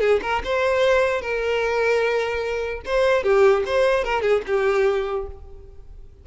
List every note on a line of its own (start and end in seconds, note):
0.00 0.20 G#4
0.22 0.42 A#4
0.44 1.21 C5
1.21 2.81 A#4
2.85 3.23 C5
3.23 3.63 G4
3.65 4.04 C5
4.04 4.22 A#4
4.22 4.42 G#4
4.46 5.26 G4